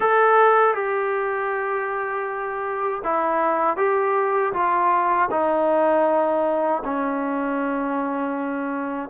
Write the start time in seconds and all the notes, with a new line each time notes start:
0.00 A4
0.74 G4
3.03 E4
3.77 G4
4.53 F4
5.31 D#4
6.84 C#4